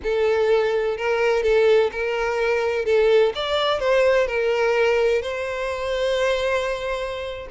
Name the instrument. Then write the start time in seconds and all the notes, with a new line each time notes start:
violin
0.03 A4
0.97 A#4
1.42 A4
1.91 A#4
2.85 A4
3.34 D5
3.79 C5
4.27 A#4
5.21 C5